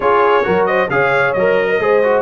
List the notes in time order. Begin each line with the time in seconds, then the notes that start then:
0.00 C#4 F4 G#4 C#5
0.43 F#3 F#4 A#4
0.66 C5 D#5
0.89 C#3 G#4 C#5 F5
1.33 F#3 A#4 D#5
1.68 A#4
1.79 G#3 G#4 C5
2.03 F#4